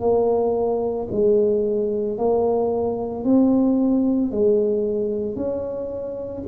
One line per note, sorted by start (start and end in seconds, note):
0.00 1.07 A#3
1.11 2.17 G#3
2.17 3.24 A#3
3.24 4.31 C4
4.31 5.36 G#3
5.36 6.43 C#4